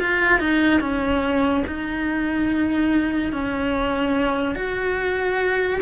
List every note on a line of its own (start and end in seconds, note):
0.00 0.39 F4
0.39 0.81 D#4
0.81 1.64 C#4
1.67 3.32 D#4
3.32 4.55 C#4
4.55 5.80 F#4